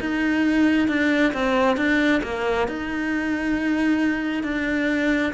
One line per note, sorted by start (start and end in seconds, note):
0.00 0.88 D#4
0.88 1.33 D4
1.33 1.77 C4
1.77 2.21 D4
2.23 2.68 A#3
2.68 4.43 D#4
4.43 5.33 D4